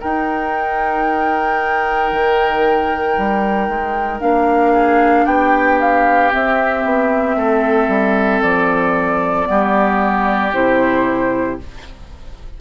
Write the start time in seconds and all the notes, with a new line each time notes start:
0.00 D#4 A#4 G5
2.12 D#3
3.18 G3
3.69 G#3
4.20 A#3 D4 F5
4.73 G#4
5.26 B3 G4 G5
5.80 F5
6.31 C4 E5
6.85 B3
7.36 A3 A4
7.88 G3
8.43 F3 D5
9.46 G3 B3 G4
10.54 C3 E4 C5